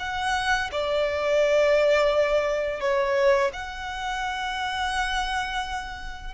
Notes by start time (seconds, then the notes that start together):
0.00 F#5
0.72 D5
2.81 C#5
3.54 F#5